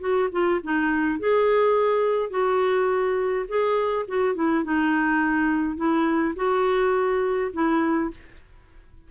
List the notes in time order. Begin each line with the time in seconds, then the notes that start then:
0.00 F#4
0.31 F4
0.63 D#4
1.19 G#4
2.30 F#4
3.48 G#4
4.08 F#4
4.35 E4
4.64 D#4
5.76 E4
6.36 F#4
7.53 E4